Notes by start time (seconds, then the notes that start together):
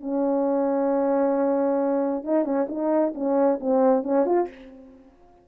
0.00 C#4
2.24 D#4
2.44 C#4
2.69 D#4
3.15 C#4
3.60 C4
4.03 C#4
4.26 F4